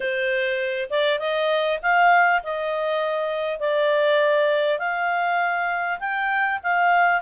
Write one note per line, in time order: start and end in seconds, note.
0.00 0.89 C5
0.90 1.19 D5
1.19 1.79 D#5
1.82 2.42 F5
2.43 3.59 D#5
3.59 4.78 D5
4.78 5.98 F5
5.99 6.59 G5
6.63 7.21 F5